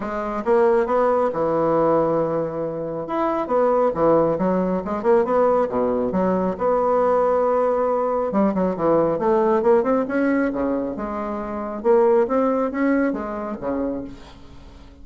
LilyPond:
\new Staff \with { instrumentName = "bassoon" } { \time 4/4 \tempo 4 = 137 gis4 ais4 b4 e4~ | e2. e'4 | b4 e4 fis4 gis8 ais8 | b4 b,4 fis4 b4~ |
b2. g8 fis8 | e4 a4 ais8 c'8 cis'4 | cis4 gis2 ais4 | c'4 cis'4 gis4 cis4 | }